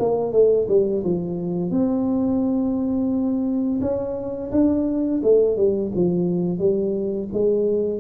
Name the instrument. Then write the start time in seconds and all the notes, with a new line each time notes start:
tuba
0.00 A#3
0.33 A3
0.68 G3
1.04 F3
1.71 C4
3.82 C#4
4.52 D4
5.23 A3
5.57 G3
5.96 F3
6.59 G3
7.33 G#3